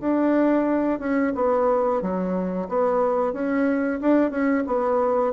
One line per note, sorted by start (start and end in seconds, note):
0.00 0.99 D4
0.99 1.32 C#4
1.35 2.01 B3
2.01 2.68 F#3
2.68 3.32 B3
3.32 3.99 C#4
4.01 4.30 D4
4.30 4.64 C#4
4.66 5.33 B3